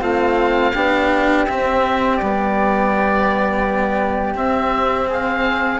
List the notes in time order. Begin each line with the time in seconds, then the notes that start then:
0.00 A3 C4 F4 F5
0.73 B3 D4 G4
1.46 C4 E5
2.16 G3 B3 D5
4.34 C4 E5
5.07 G#4 F5